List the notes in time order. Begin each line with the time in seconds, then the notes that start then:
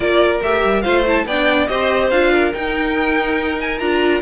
0.00 A#3 F4 A#4 D5
0.42 A3 G4 E5
0.64 G3
0.82 A3 F4 C5 F5
1.06 E4 A5
1.25 B3 D4 D5 G5
1.66 C4 G4 C5 D#5
2.10 D4 F4 F5
2.32 A#4
2.53 D#4 G5
3.60 G#5
3.78 D4 F4 A#5